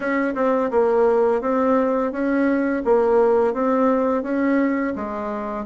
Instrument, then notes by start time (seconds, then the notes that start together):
bassoon
0.00 C#4
0.35 C4
0.71 A#3
1.41 C4
2.12 C#4
2.84 A#3
3.53 C4
4.23 C#4
4.95 G#3